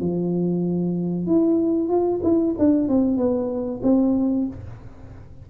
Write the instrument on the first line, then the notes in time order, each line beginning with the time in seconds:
tuba
0.00 F3
1.26 E4
1.89 F4
2.23 E4
2.59 D4
2.88 C4
3.17 B3
3.83 C4